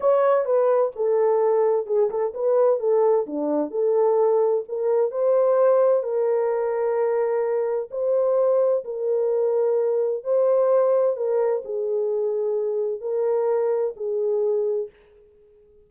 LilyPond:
\new Staff \with { instrumentName = "horn" } { \time 4/4 \tempo 4 = 129 cis''4 b'4 a'2 | gis'8 a'8 b'4 a'4 d'4 | a'2 ais'4 c''4~ | c''4 ais'2.~ |
ais'4 c''2 ais'4~ | ais'2 c''2 | ais'4 gis'2. | ais'2 gis'2 | }